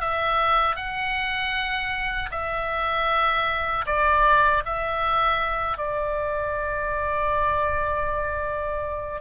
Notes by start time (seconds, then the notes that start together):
0.00 E5
0.76 F#5
2.31 E5
3.86 D5
4.65 E5
5.77 D5